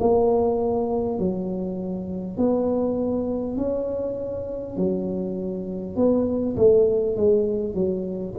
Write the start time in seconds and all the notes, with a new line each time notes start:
0.00 A#3
1.19 F#3
2.37 B3
3.58 C#4
4.77 F#3
5.97 B3
6.57 A3
7.17 G#3
7.75 F#3